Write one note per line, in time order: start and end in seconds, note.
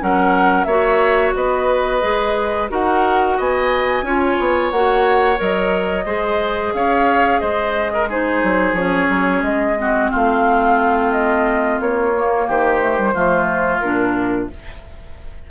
0.00 0.66 F#3
0.00 0.67 C#4
0.00 0.67 A#4
0.00 0.64 F#5
0.64 1.33 A#3
0.64 2.02 F#4
0.64 1.35 C#5
0.64 1.32 E5
1.35 2.03 B3
1.35 2.71 B4
1.35 2.70 D#5
2.02 2.71 G#3
2.02 2.69 G#4
2.70 3.38 D#4
2.70 4.04 F#4
2.70 3.37 A#4
2.70 3.40 F#5
3.37 4.03 B3
3.37 4.05 D#5
3.37 4.71 G#5
4.03 4.36 C#4
4.03 4.73 F4
4.03 6.06 C#5
4.40 4.72 B3
4.71 5.39 A#3
4.71 5.36 F#4
4.71 5.39 F#5
5.36 6.06 F#3
5.36 6.03 A#4
5.36 6.74 D#5
6.06 6.73 G#3
6.06 8.09 G#4
6.06 6.73 C5
6.74 7.41 C#4
6.74 7.41 C#5
6.74 7.40 F5
7.40 8.43 G#3
7.40 7.92 C5
7.40 8.07 D#5
7.94 8.09 A#4
8.09 8.77 D#4
8.09 9.78 G#4
8.09 8.75 C5
8.43 8.73 F#3
8.73 9.07 F3
8.73 9.77 C#4
8.73 9.42 C#5
9.10 9.42 F#3
9.42 10.10 G#3
9.42 10.11 D#5
9.77 12.13 C4
9.77 10.11 F#4
10.11 11.80 A3
10.11 12.47 F4
10.11 11.12 F5
11.12 11.80 D#5
11.80 12.48 A#3
11.80 12.49 C#5
12.16 12.81 A#3
12.47 13.15 D#3
12.47 13.14 G4
12.47 13.80 C5
12.81 12.98 A3
12.98 13.14 G3
13.14 13.82 F3
13.14 13.82 A3
13.14 14.49 F4
13.80 14.50 A#2
13.80 14.51 D4
13.80 14.47 A#4